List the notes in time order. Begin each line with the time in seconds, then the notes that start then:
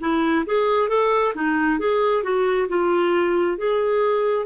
0.00 E4
0.46 G#4
0.89 A4
1.34 D#4
1.79 G#4
2.23 F#4
2.68 F4
3.57 G#4